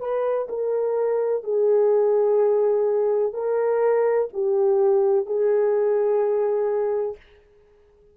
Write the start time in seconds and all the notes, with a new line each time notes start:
0.00 B4
0.49 A#4
1.44 G#4
3.33 A#4
4.33 G4
5.26 G#4